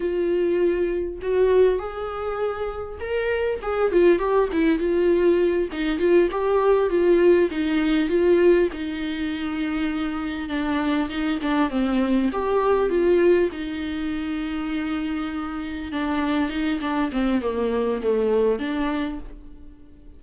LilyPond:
\new Staff \with { instrumentName = "viola" } { \time 4/4 \tempo 4 = 100 f'2 fis'4 gis'4~ | gis'4 ais'4 gis'8 f'8 g'8 e'8 | f'4. dis'8 f'8 g'4 f'8~ | f'8 dis'4 f'4 dis'4.~ |
dis'4. d'4 dis'8 d'8 c'8~ | c'8 g'4 f'4 dis'4.~ | dis'2~ dis'8 d'4 dis'8 | d'8 c'8 ais4 a4 d'4 | }